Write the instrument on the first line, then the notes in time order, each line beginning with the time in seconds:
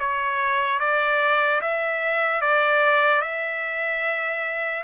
trumpet
0.00 C#5
0.80 D5
1.61 E5
2.41 D5
3.22 E5